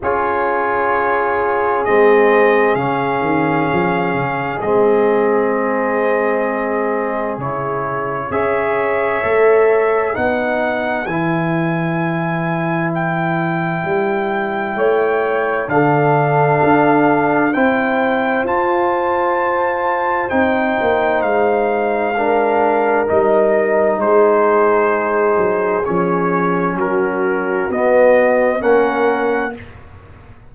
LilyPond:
<<
  \new Staff \with { instrumentName = "trumpet" } { \time 4/4 \tempo 4 = 65 cis''2 dis''4 f''4~ | f''4 dis''2. | cis''4 e''2 fis''4 | gis''2 g''2~ |
g''4 f''2 g''4 | a''2 g''4 f''4~ | f''4 dis''4 c''2 | cis''4 ais'4 dis''4 fis''4 | }
  \new Staff \with { instrumentName = "horn" } { \time 4/4 gis'1~ | gis'1~ | gis'4 cis''2 b'4~ | b'1 |
cis''4 a'2 c''4~ | c''1 | ais'2 gis'2~ | gis'4 fis'2 ais'4 | }
  \new Staff \with { instrumentName = "trombone" } { \time 4/4 f'2 c'4 cis'4~ | cis'4 c'2. | e'4 gis'4 a'4 dis'4 | e'1~ |
e'4 d'2 e'4 | f'2 dis'2 | d'4 dis'2. | cis'2 b4 cis'4 | }
  \new Staff \with { instrumentName = "tuba" } { \time 4/4 cis'2 gis4 cis8 dis8 | f8 cis8 gis2. | cis4 cis'4 a4 b4 | e2. g4 |
a4 d4 d'4 c'4 | f'2 c'8 ais8 gis4~ | gis4 g4 gis4. fis8 | f4 fis4 b4 ais4 | }
>>